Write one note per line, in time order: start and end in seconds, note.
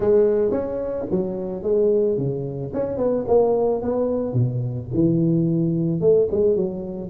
0.00 0.51 G#3
0.51 1.05 C#4
1.10 1.62 F#3
1.62 2.17 G#3
2.17 2.72 C#3
2.73 2.97 C#4
2.97 3.24 B3
3.27 3.82 A#3
3.82 4.33 B3
4.33 4.87 B2
4.94 6.00 E3
6.00 6.28 A3
6.31 6.56 G#3
6.56 7.10 F#3